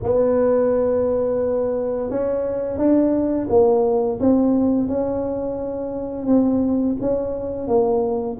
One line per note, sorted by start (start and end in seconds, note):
0.03 2.10 B3
2.10 2.77 C#4
2.77 3.47 D4
3.49 4.19 A#3
4.20 4.88 C4
4.88 6.26 C#4
6.26 6.96 C4
7.00 7.67 C#4
7.67 8.37 A#3